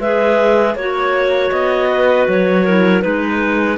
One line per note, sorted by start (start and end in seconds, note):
0.00 0.76 G#3
0.00 0.78 G#4
0.00 0.76 B4
0.00 0.76 E5
0.76 1.52 A#3
0.76 2.68 F#4
0.76 1.90 C#5
0.76 1.52 C#5
1.52 2.28 B3
1.52 2.28 D#5
1.90 2.65 B4
2.28 3.04 F#3
2.28 3.02 C#5
2.65 3.01 E4
2.65 3.03 A#4
3.01 3.78 G#3
3.01 3.77 D#4
3.01 3.78 B4